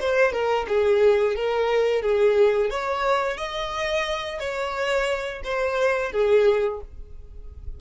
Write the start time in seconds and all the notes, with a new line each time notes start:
0.00 C5
0.32 A#4
0.68 G#4
1.36 A#4
2.02 G#4
2.70 C#5
3.37 D#5
4.40 C#5
5.44 C5
6.12 G#4